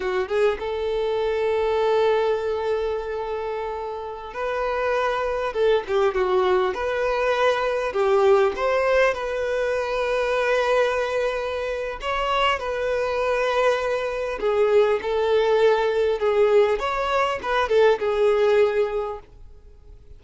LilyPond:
\new Staff \with { instrumentName = "violin" } { \time 4/4 \tempo 4 = 100 fis'8 gis'8 a'2.~ | a'2.~ a'16 b'8.~ | b'4~ b'16 a'8 g'8 fis'4 b'8.~ | b'4~ b'16 g'4 c''4 b'8.~ |
b'1 | cis''4 b'2. | gis'4 a'2 gis'4 | cis''4 b'8 a'8 gis'2 | }